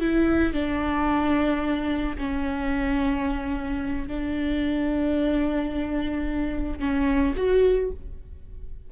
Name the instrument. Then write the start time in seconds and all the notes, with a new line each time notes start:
viola
0.00 E4
0.53 D4
2.18 C#4
4.07 D4
6.79 C#4
7.36 F#4